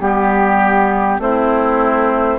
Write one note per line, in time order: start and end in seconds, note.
0.00 1.18 G3
0.00 1.20 B3
0.00 1.21 G4
1.18 2.38 A3
1.18 2.39 C4
1.18 2.39 E4
1.18 2.39 C5